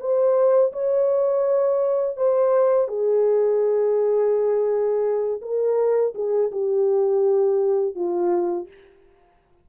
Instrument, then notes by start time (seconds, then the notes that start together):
horn
0.00 C5
0.73 C#5
2.17 C5
2.88 G#4
5.42 A#4
6.15 G#4
6.52 G4
7.96 F4